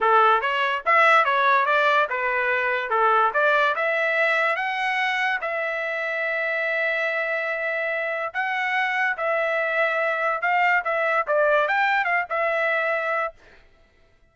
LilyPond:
\new Staff \with { instrumentName = "trumpet" } { \time 4/4 \tempo 4 = 144 a'4 cis''4 e''4 cis''4 | d''4 b'2 a'4 | d''4 e''2 fis''4~ | fis''4 e''2.~ |
e''1 | fis''2 e''2~ | e''4 f''4 e''4 d''4 | g''4 f''8 e''2~ e''8 | }